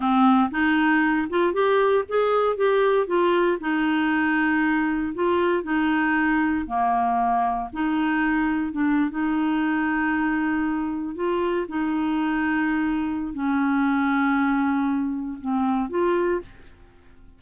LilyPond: \new Staff \with { instrumentName = "clarinet" } { \time 4/4 \tempo 4 = 117 c'4 dis'4. f'8 g'4 | gis'4 g'4 f'4 dis'4~ | dis'2 f'4 dis'4~ | dis'4 ais2 dis'4~ |
dis'4 d'8. dis'2~ dis'16~ | dis'4.~ dis'16 f'4 dis'4~ dis'16~ | dis'2 cis'2~ | cis'2 c'4 f'4 | }